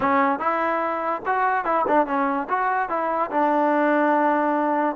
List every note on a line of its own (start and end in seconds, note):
0.00 0.39 C#4
0.39 1.22 E4
1.25 1.64 F#4
1.64 1.85 E4
1.87 2.06 D4
2.06 2.47 C#4
2.49 2.89 F#4
2.89 3.30 E4
3.30 4.96 D4